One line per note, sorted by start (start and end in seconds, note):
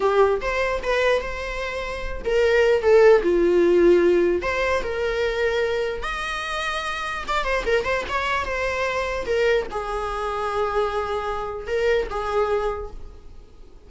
0.00 0.40 G4
0.41 0.81 C5
0.82 1.21 B4
1.21 2.22 C5
2.25 2.82 A#4
2.82 3.22 A4
3.22 4.42 F4
4.42 4.82 C5
4.82 6.03 A#4
6.03 7.23 D#5
7.27 7.44 D5
7.44 7.64 C5
7.66 7.84 A#4
7.84 8.04 C5
8.08 8.45 C#5
8.45 9.25 C5
9.26 9.66 A#4
9.70 11.67 G#4
11.67 12.07 A#4
12.10 12.90 G#4